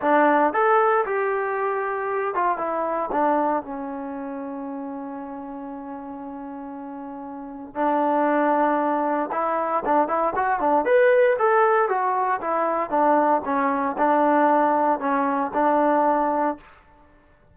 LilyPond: \new Staff \with { instrumentName = "trombone" } { \time 4/4 \tempo 4 = 116 d'4 a'4 g'2~ | g'8 f'8 e'4 d'4 cis'4~ | cis'1~ | cis'2. d'4~ |
d'2 e'4 d'8 e'8 | fis'8 d'8 b'4 a'4 fis'4 | e'4 d'4 cis'4 d'4~ | d'4 cis'4 d'2 | }